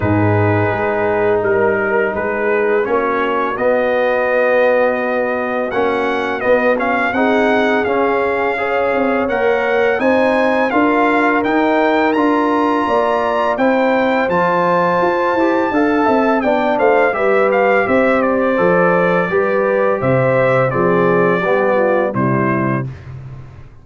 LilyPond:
<<
  \new Staff \with { instrumentName = "trumpet" } { \time 4/4 \tempo 4 = 84 b'2 ais'4 b'4 | cis''4 dis''2. | fis''4 dis''8 f''8 fis''4 f''4~ | f''4 fis''4 gis''4 f''4 |
g''4 ais''2 g''4 | a''2. g''8 f''8 | e''8 f''8 e''8 d''2~ d''8 | e''4 d''2 c''4 | }
  \new Staff \with { instrumentName = "horn" } { \time 4/4 gis'2 ais'4 gis'4 | fis'1~ | fis'2 gis'2 | cis''2 c''4 ais'4~ |
ais'2 d''4 c''4~ | c''2 f''8 e''8 d''8 c''8 | b'4 c''2 b'4 | c''4 gis'4 g'8 f'8 e'4 | }
  \new Staff \with { instrumentName = "trombone" } { \time 4/4 dis'1 | cis'4 b2. | cis'4 b8 cis'8 dis'4 cis'4 | gis'4 ais'4 dis'4 f'4 |
dis'4 f'2 e'4 | f'4. g'8 a'4 d'4 | g'2 a'4 g'4~ | g'4 c'4 b4 g4 | }
  \new Staff \with { instrumentName = "tuba" } { \time 4/4 gis,4 gis4 g4 gis4 | ais4 b2. | ais4 b4 c'4 cis'4~ | cis'8 c'8 ais4 c'4 d'4 |
dis'4 d'4 ais4 c'4 | f4 f'8 e'8 d'8 c'8 b8 a8 | g4 c'4 f4 g4 | c4 f4 g4 c4 | }
>>